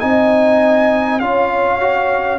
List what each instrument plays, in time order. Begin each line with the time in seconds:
0.00 tuba C4, trombone D#4, horn D#5, trumpet G#5
1.20 tuba C#4, trombone F4, horn C#5, trumpet F5
1.81 trombone F#4